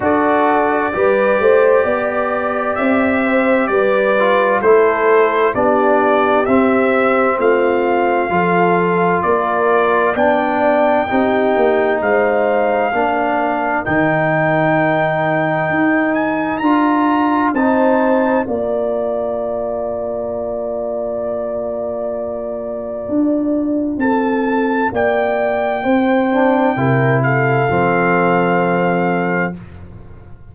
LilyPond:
<<
  \new Staff \with { instrumentName = "trumpet" } { \time 4/4 \tempo 4 = 65 d''2. e''4 | d''4 c''4 d''4 e''4 | f''2 d''4 g''4~ | g''4 f''2 g''4~ |
g''4. gis''8 ais''4 a''4 | ais''1~ | ais''2 a''4 g''4~ | g''4. f''2~ f''8 | }
  \new Staff \with { instrumentName = "horn" } { \time 4/4 a'4 b'8 c''8 d''4. c''8 | b'4 a'4 g'2 | f'4 a'4 ais'4 d''4 | g'4 c''4 ais'2~ |
ais'2. c''4 | d''1~ | d''2 a'4 d''4 | c''4 ais'8 a'2~ a'8 | }
  \new Staff \with { instrumentName = "trombone" } { \time 4/4 fis'4 g'2.~ | g'8 f'8 e'4 d'4 c'4~ | c'4 f'2 d'4 | dis'2 d'4 dis'4~ |
dis'2 f'4 dis'4 | f'1~ | f'1~ | f'8 d'8 e'4 c'2 | }
  \new Staff \with { instrumentName = "tuba" } { \time 4/4 d'4 g8 a8 b4 c'4 | g4 a4 b4 c'4 | a4 f4 ais4 b4 | c'8 ais8 gis4 ais4 dis4~ |
dis4 dis'4 d'4 c'4 | ais1~ | ais4 d'4 c'4 ais4 | c'4 c4 f2 | }
>>